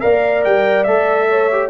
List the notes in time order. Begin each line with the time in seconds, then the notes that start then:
0.00 A#3 A#4 D5 F5
0.45 G3 G5
0.84 A3 A4 E5
1.29 C#5
1.52 G4